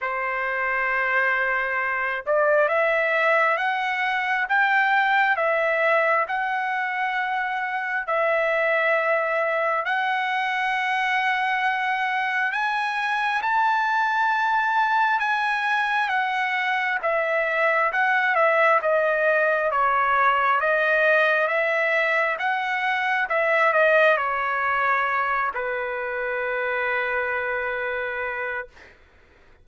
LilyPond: \new Staff \with { instrumentName = "trumpet" } { \time 4/4 \tempo 4 = 67 c''2~ c''8 d''8 e''4 | fis''4 g''4 e''4 fis''4~ | fis''4 e''2 fis''4~ | fis''2 gis''4 a''4~ |
a''4 gis''4 fis''4 e''4 | fis''8 e''8 dis''4 cis''4 dis''4 | e''4 fis''4 e''8 dis''8 cis''4~ | cis''8 b'2.~ b'8 | }